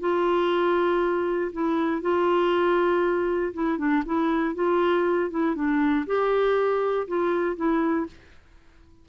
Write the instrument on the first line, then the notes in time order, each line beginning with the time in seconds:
clarinet
0.00 F4
1.52 E4
2.01 F4
3.54 E4
3.78 D4
4.05 E4
4.55 F4
5.30 E4
5.55 D4
6.06 G4
7.07 F4
7.56 E4